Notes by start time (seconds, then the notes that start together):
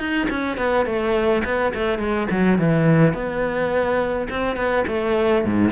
0.00 D#4
0.30 C#4
0.58 B3
0.86 A3
1.45 B3
1.75 A3
1.99 G#3
2.31 F#3
2.59 E3
3.15 B3
4.30 C4
4.57 B3
4.88 A3
5.45 G#2